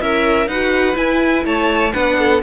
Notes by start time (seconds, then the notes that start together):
0.00 C#4 E4 A#4 E5
0.46 D#4 F#4 B4 F#5
0.95 E4 G#5
1.45 A3 C#5 A5
1.92 B3 D4 B4 F#5
2.18 A4